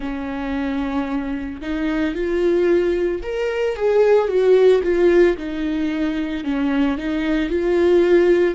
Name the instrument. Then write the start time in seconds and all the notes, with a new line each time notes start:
viola
0.00 C#4
1.61 D#4
2.14 F4
3.22 A#4
3.75 G#4
4.28 F#4
4.83 F4
5.37 D#4
6.43 C#4
6.97 D#4
7.50 F4